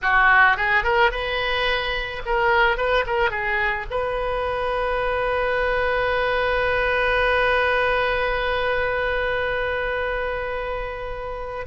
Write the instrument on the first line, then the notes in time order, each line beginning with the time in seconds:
oboe
0.02 F#4
0.57 G#4
0.83 A#4
1.11 B4
2.25 A#4
2.77 B4
3.06 A#4
3.30 G#4
3.90 B4